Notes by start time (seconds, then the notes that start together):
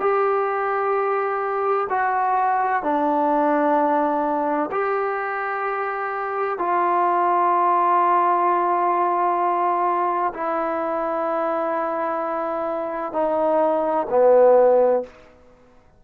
0.00 G4
1.90 F#4
2.83 D4
4.72 G4
6.58 F4
10.34 E4
13.13 D#4
14.10 B3